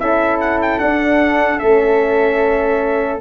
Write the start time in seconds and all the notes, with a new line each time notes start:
0.00 C#4 E4 A4 E5
0.41 F#5
0.62 G5
0.79 D4 F#5
1.59 A3 C#4 E5